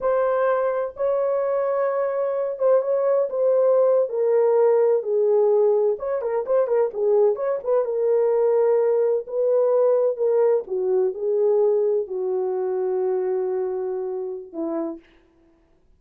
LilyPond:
\new Staff \with { instrumentName = "horn" } { \time 4/4 \tempo 4 = 128 c''2 cis''2~ | cis''4. c''8 cis''4 c''4~ | c''8. ais'2 gis'4~ gis'16~ | gis'8. cis''8 ais'8 c''8 ais'8 gis'4 cis''16~ |
cis''16 b'8 ais'2. b'16~ | b'4.~ b'16 ais'4 fis'4 gis'16~ | gis'4.~ gis'16 fis'2~ fis'16~ | fis'2. e'4 | }